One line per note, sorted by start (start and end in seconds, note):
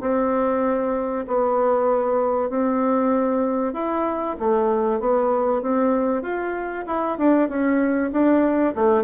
0.00 1.25 C4
1.27 2.49 B3
2.49 3.73 C4
3.73 4.36 E4
4.39 4.99 A3
4.99 5.62 B3
5.62 6.22 C4
6.22 6.84 F4
6.87 7.18 E4
7.18 7.49 D4
7.49 8.11 C#4
8.12 8.74 D4
8.75 9.03 A3